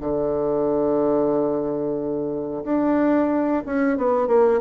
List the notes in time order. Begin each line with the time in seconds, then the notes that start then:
0.00 D3
2.64 D4
3.66 C#4
3.97 B3
4.27 A#3